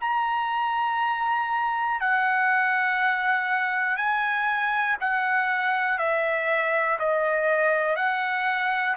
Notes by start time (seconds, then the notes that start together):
0.00 A#5
2.00 F#5
3.97 G#5
5.00 F#5
5.98 E5
6.99 D#5
7.96 F#5